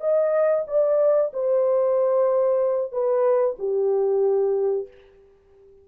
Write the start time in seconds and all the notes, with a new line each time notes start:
0.00 D#5
0.67 D5
1.33 C5
2.91 B4
3.58 G4